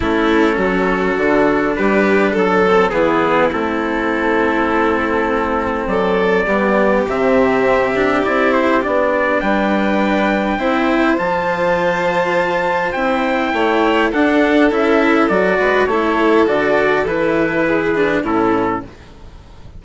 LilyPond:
<<
  \new Staff \with { instrumentName = "trumpet" } { \time 4/4 \tempo 4 = 102 a'2. b'4 | a'4 gis'4 a'2~ | a'2 d''2 | e''2 d''8 c''8 d''4 |
g''2. a''4~ | a''2 g''2 | fis''4 e''4 d''4 cis''4 | d''4 b'2 a'4 | }
  \new Staff \with { instrumentName = "violin" } { \time 4/4 e'4 fis'2 g'4 | a'4 e'2.~ | e'2 a'4 g'4~ | g'1 |
b'2 c''2~ | c''2. cis''4 | a'2~ a'8 b'8 a'4~ | a'2 gis'4 e'4 | }
  \new Staff \with { instrumentName = "cello" } { \time 4/4 cis'2 d'2~ | d'8 c'8 b4 c'2~ | c'2. b4 | c'4. d'8 e'4 d'4~ |
d'2 e'4 f'4~ | f'2 e'2 | d'4 e'4 fis'4 e'4 | fis'4 e'4. d'8 cis'4 | }
  \new Staff \with { instrumentName = "bassoon" } { \time 4/4 a4 fis4 d4 g4 | fis4 e4 a2~ | a2 fis4 g4 | c2 c'4 b4 |
g2 c'4 f4~ | f2 c'4 a4 | d'4 cis'4 fis8 gis8 a4 | d4 e2 a,4 | }
>>